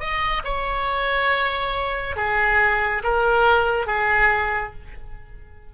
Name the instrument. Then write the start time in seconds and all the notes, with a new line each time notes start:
oboe
0.00 D#5
0.44 C#5
2.16 G#4
3.04 A#4
3.87 G#4